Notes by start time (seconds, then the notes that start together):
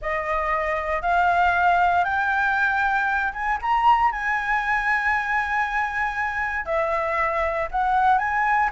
0.01 D#5
1.01 F5
2.04 G5
3.32 G#5
3.61 A#5
4.11 G#5
6.65 E5
7.71 F#5
8.18 G#5